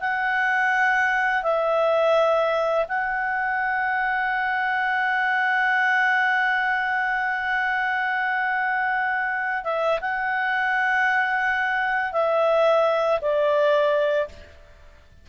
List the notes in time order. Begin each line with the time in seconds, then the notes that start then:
0.00 F#5
1.43 E5
2.89 F#5
9.64 E5
10.01 F#5
12.12 E5
13.21 D5